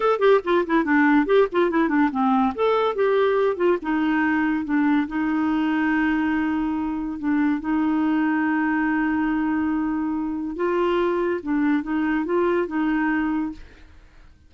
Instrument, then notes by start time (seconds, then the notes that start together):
clarinet
0.00 A4
0.19 G4
0.44 F4
0.66 E4
0.84 D4
1.26 G4
1.51 F4
1.70 E4
1.88 D4
2.11 C4
2.54 A4
2.95 G4
3.56 F4
3.81 D#4
4.64 D4
5.07 D#4
7.18 D4
7.60 D#4
10.56 F4
11.43 D4
11.82 D#4
12.25 F4
12.67 D#4